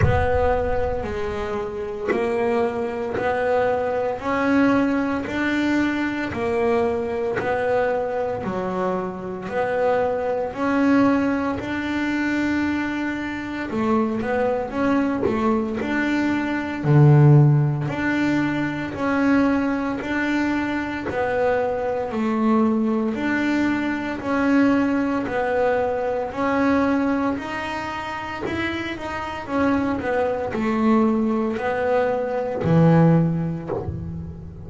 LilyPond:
\new Staff \with { instrumentName = "double bass" } { \time 4/4 \tempo 4 = 57 b4 gis4 ais4 b4 | cis'4 d'4 ais4 b4 | fis4 b4 cis'4 d'4~ | d'4 a8 b8 cis'8 a8 d'4 |
d4 d'4 cis'4 d'4 | b4 a4 d'4 cis'4 | b4 cis'4 dis'4 e'8 dis'8 | cis'8 b8 a4 b4 e4 | }